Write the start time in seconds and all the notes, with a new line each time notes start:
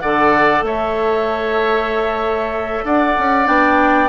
0.00 D3 A4 D5 F#5
0.62 A3 C#5 E5
2.84 D4 D5 F#5
3.18 C#4
3.45 B3 D4 G5